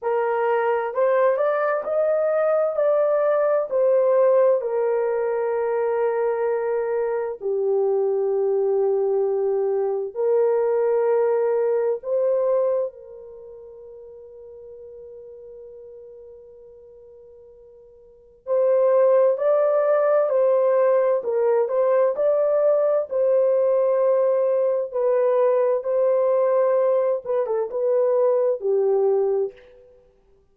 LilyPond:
\new Staff \with { instrumentName = "horn" } { \time 4/4 \tempo 4 = 65 ais'4 c''8 d''8 dis''4 d''4 | c''4 ais'2. | g'2. ais'4~ | ais'4 c''4 ais'2~ |
ais'1 | c''4 d''4 c''4 ais'8 c''8 | d''4 c''2 b'4 | c''4. b'16 a'16 b'4 g'4 | }